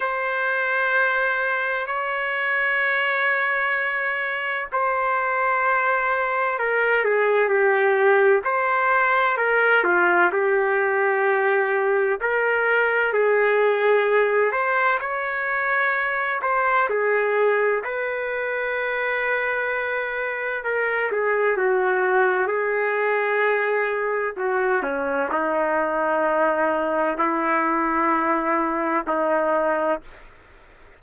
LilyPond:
\new Staff \with { instrumentName = "trumpet" } { \time 4/4 \tempo 4 = 64 c''2 cis''2~ | cis''4 c''2 ais'8 gis'8 | g'4 c''4 ais'8 f'8 g'4~ | g'4 ais'4 gis'4. c''8 |
cis''4. c''8 gis'4 b'4~ | b'2 ais'8 gis'8 fis'4 | gis'2 fis'8 cis'8 dis'4~ | dis'4 e'2 dis'4 | }